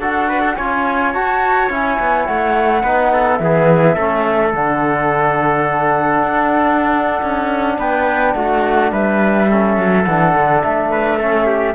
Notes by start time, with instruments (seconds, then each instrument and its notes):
0.00 cello D4, trombone F#4, trumpet A4, flute F#5
0.29 trumpet B4
0.41 trumpet A4
0.56 cello C#4, trombone F4, trumpet C#5, flute G#5
1.14 trombone F#4, cello F#4, flute A5
1.70 cello C#4, trombone E4, flute G#5
2.00 cello B3
2.26 cello A3, flute F#5
2.83 cello B3, trombone D#4, trumpet B4
3.13 trumpet A4
3.37 cello E3, trombone B3, flute E5
3.44 trumpet G#4
3.95 cello A3, trombone C#4, trumpet A4
4.53 cello D3, trombone D4, flute F#5
6.23 cello D4
7.23 cello C#4
7.78 cello B3, trumpet B4, flute G5
8.34 cello A3, trumpet F#4, flute F#5
8.92 cello G3, trumpet B4, flute E5
9.49 trombone C#4, trumpet A4
9.77 cello F#3
10.05 cello E3, trombone D4, flute F#5
10.35 cello D3
10.62 cello A3, flute E5
10.91 trumpet B4
11.19 trombone C#4, trumpet A4
11.47 trumpet G4